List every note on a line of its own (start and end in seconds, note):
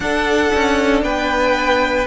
0.00 0.51 D4
0.00 2.07 D4
0.00 1.04 A4
0.00 1.02 F#5
0.55 1.02 C#4
1.02 2.06 B3
1.02 2.07 B4
1.02 2.07 G5